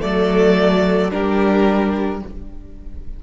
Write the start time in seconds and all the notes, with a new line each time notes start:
0.00 F#3 A3 A4 D5
1.10 G3 D4 G4 A#4